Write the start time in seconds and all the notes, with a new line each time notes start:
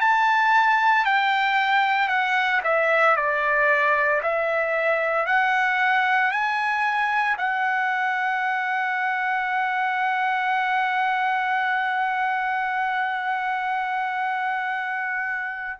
0.00 A5
1.05 G5
2.08 F#5
2.64 E5
3.16 D5
4.22 E5
5.26 F#5
6.31 G#5
7.38 F#5